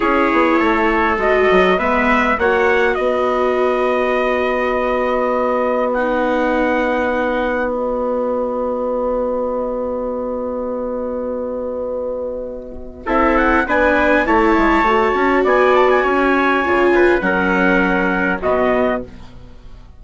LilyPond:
<<
  \new Staff \with { instrumentName = "trumpet" } { \time 4/4 \tempo 4 = 101 cis''2 dis''4 e''4 | fis''4 dis''2.~ | dis''2 fis''2~ | fis''4 dis''2.~ |
dis''1~ | dis''2 e''8 fis''8 gis''4 | a''2 gis''8 a''16 gis''4~ gis''16~ | gis''4 fis''2 dis''4 | }
  \new Staff \with { instrumentName = "trumpet" } { \time 4/4 gis'4 a'2 b'4 | cis''4 b'2.~ | b'1~ | b'1~ |
b'1~ | b'2 a'4 b'4 | cis''2 d''4 cis''4~ | cis''8 b'8 ais'2 fis'4 | }
  \new Staff \with { instrumentName = "viola" } { \time 4/4 e'2 fis'4 b4 | fis'1~ | fis'2 dis'2~ | dis'4 fis'2.~ |
fis'1~ | fis'2 e'4 d'4 | e'4 fis'2. | f'4 cis'2 b4 | }
  \new Staff \with { instrumentName = "bassoon" } { \time 4/4 cis'8 b8 a4 gis8 fis8 gis4 | ais4 b2.~ | b1~ | b1~ |
b1~ | b2 c'4 b4 | a8 gis8 a8 cis'8 b4 cis'4 | cis4 fis2 b,4 | }
>>